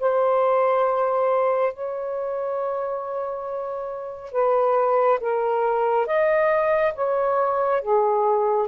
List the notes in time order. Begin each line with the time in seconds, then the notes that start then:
0.00 C5
1.74 C#5
4.33 B4
5.21 A#4
6.07 D#5
6.95 C#5
7.82 G#4